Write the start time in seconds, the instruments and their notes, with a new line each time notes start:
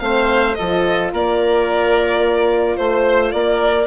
0.00 bassoon A3, horn C4, oboe C5, violin F5
0.55 bassoon F3, horn F4, oboe A4, violin D#5
1.13 bassoon A#3, oboe A#4, violin D5
2.77 bassoon A3, violin C5, oboe C5
3.32 bassoon A#3, oboe A#4, violin D5